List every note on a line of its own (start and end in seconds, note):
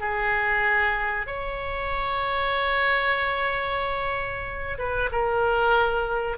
0.00 1.26 G#4
1.26 4.77 C#5
4.78 5.09 B4
5.12 6.37 A#4